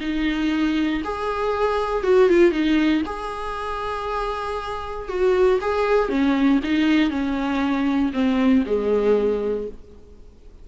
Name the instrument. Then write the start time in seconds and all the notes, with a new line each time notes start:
viola
0.00 D#4
1.04 G#4
2.03 F#4
2.29 F4
2.51 D#4
3.06 G#4
5.08 F#4
5.60 G#4
6.09 C#4
6.63 D#4
7.10 C#4
8.12 C4
8.66 G#3